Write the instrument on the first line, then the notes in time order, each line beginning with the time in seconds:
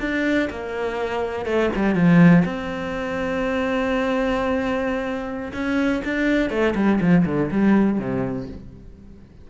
cello
0.00 D4
0.50 A#3
1.45 A3
1.75 G3
1.95 F3
2.45 C4
5.53 C#4
6.04 D4
6.50 A3
6.75 G3
7.01 F3
7.26 D3
7.51 G3
7.99 C3